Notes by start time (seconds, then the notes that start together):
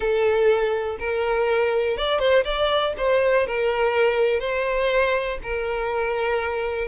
0.00 A4
0.99 A#4
1.97 D5
2.19 C5
2.44 D5
2.97 C5
3.46 A#4
4.40 C5
5.43 A#4